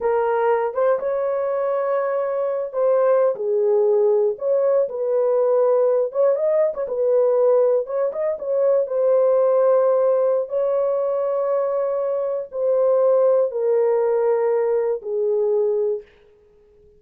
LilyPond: \new Staff \with { instrumentName = "horn" } { \time 4/4 \tempo 4 = 120 ais'4. c''8 cis''2~ | cis''4. c''4~ c''16 gis'4~ gis'16~ | gis'8. cis''4 b'2~ b'16~ | b'16 cis''8 dis''8. cis''16 b'2 cis''16~ |
cis''16 dis''8 cis''4 c''2~ c''16~ | c''4 cis''2.~ | cis''4 c''2 ais'4~ | ais'2 gis'2 | }